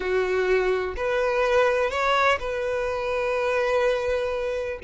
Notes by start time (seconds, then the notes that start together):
0.00 F#4
0.96 B4
1.90 C#5
2.39 B4